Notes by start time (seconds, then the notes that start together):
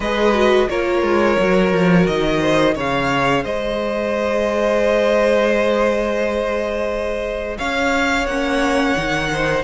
0.00 G#3 G#4 B4 D#5
0.33 F#4
0.69 A#3 F4 A#4 C#5
1.02 G#3
1.39 F#3 F#4
1.72 F3
2.06 D#3 D#5
2.40 C5
2.75 C#3 G#4 C#5 F5
3.43 G#3 C5 D#5
7.57 C#4 C#5 F5
8.26 A#3 C#4 F#5
8.97 D#3 D#4
9.32 C5